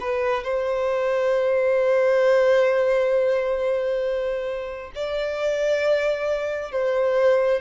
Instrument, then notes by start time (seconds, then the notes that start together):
violin
0.00 B4
0.44 C5
4.95 D5
6.72 C5